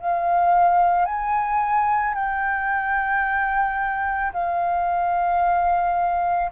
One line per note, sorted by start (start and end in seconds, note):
0.00 1.05 F5
1.05 2.14 G#5
2.14 4.32 G5
4.33 6.51 F5